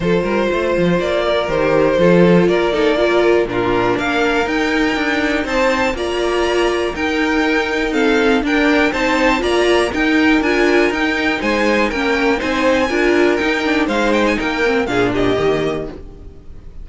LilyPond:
<<
  \new Staff \with { instrumentName = "violin" } { \time 4/4 \tempo 4 = 121 c''2 d''4 c''4~ | c''4 d''2 ais'4 | f''4 g''2 a''4 | ais''2 g''2 |
f''4 g''4 a''4 ais''4 | g''4 gis''4 g''4 gis''4 | g''4 gis''2 g''4 | f''8 g''16 gis''16 g''4 f''8 dis''4. | }
  \new Staff \with { instrumentName = "violin" } { \time 4/4 a'8 ais'8 c''4. ais'4. | a'4 ais'8 a'8 ais'4 f'4 | ais'2. c''4 | d''2 ais'2 |
a'4 ais'4 c''4 d''4 | ais'2. c''4 | ais'4 c''4 ais'2 | c''4 ais'4 gis'8 g'4. | }
  \new Staff \with { instrumentName = "viola" } { \time 4/4 f'2. g'4 | f'4. dis'8 f'4 d'4~ | d'4 dis'2. | f'2 dis'2 |
c'4 d'4 dis'4 f'4 | dis'4 f'4 dis'2 | cis'4 dis'4 f'4 dis'8 d'8 | dis'4. c'8 d'4 ais4 | }
  \new Staff \with { instrumentName = "cello" } { \time 4/4 f8 g8 a8 f8 ais4 dis4 | f4 ais2 ais,4 | ais4 dis'4 d'4 c'4 | ais2 dis'2~ |
dis'4 d'4 c'4 ais4 | dis'4 d'4 dis'4 gis4 | ais4 c'4 d'4 dis'4 | gis4 ais4 ais,4 dis4 | }
>>